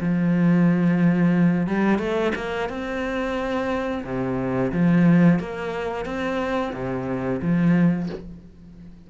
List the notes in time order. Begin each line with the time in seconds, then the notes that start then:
0.00 F3
1.66 G3
1.98 A3
2.35 A#3
2.69 C4
4.04 C3
4.72 F3
5.39 A#3
6.05 C4
6.73 C3
7.42 F3